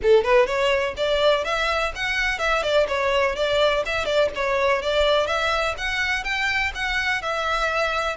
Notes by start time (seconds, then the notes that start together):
0.02 A4
0.24 B4
0.46 C#5
0.96 D5
1.44 E5
1.95 F#5
2.38 E5
2.63 D5
2.88 C#5
3.35 D5
3.85 E5
4.05 D5
4.35 C#5
4.81 D5
5.26 E5
5.77 F#5
6.24 G5
6.74 F#5
7.22 E5